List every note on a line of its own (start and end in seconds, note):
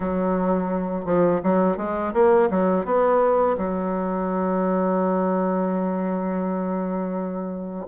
0.00 1.05 F#3
1.05 1.41 F3
1.43 1.77 F#3
1.77 2.13 G#3
2.13 2.49 A#3
2.50 2.85 F#3
2.85 3.56 B3
3.57 7.86 F#3